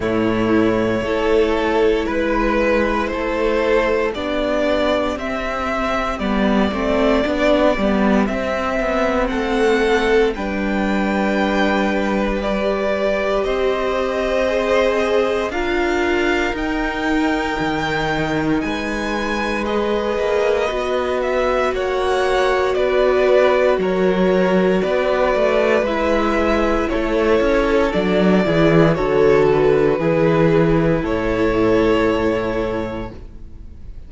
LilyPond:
<<
  \new Staff \with { instrumentName = "violin" } { \time 4/4 \tempo 4 = 58 cis''2 b'4 c''4 | d''4 e''4 d''2 | e''4 fis''4 g''2 | d''4 dis''2 f''4 |
g''2 gis''4 dis''4~ | dis''8 e''8 fis''4 d''4 cis''4 | d''4 e''4 cis''4 d''4 | cis''8 b'4. cis''2 | }
  \new Staff \with { instrumentName = "violin" } { \time 4/4 e'4 a'4 b'4 a'4 | g'1~ | g'4 a'4 b'2~ | b'4 c''2 ais'4~ |
ais'2 b'2~ | b'4 cis''4 b'4 ais'4 | b'2 a'4. gis'8 | a'4 gis'4 a'2 | }
  \new Staff \with { instrumentName = "viola" } { \time 4/4 a4 e'2. | d'4 c'4 b8 c'8 d'8 b8 | c'2 d'2 | g'2 gis'4 f'4 |
dis'2. gis'4 | fis'1~ | fis'4 e'2 d'8 e'8 | fis'4 e'2. | }
  \new Staff \with { instrumentName = "cello" } { \time 4/4 a,4 a4 gis4 a4 | b4 c'4 g8 a8 b8 g8 | c'8 b8 a4 g2~ | g4 c'2 d'4 |
dis'4 dis4 gis4. ais8 | b4 ais4 b4 fis4 | b8 a8 gis4 a8 cis'8 fis8 e8 | d4 e4 a,2 | }
>>